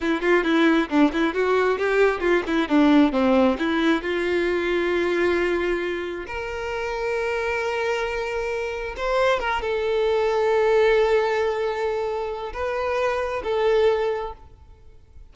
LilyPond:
\new Staff \with { instrumentName = "violin" } { \time 4/4 \tempo 4 = 134 e'8 f'8 e'4 d'8 e'8 fis'4 | g'4 f'8 e'8 d'4 c'4 | e'4 f'2.~ | f'2 ais'2~ |
ais'1 | c''4 ais'8 a'2~ a'8~ | a'1 | b'2 a'2 | }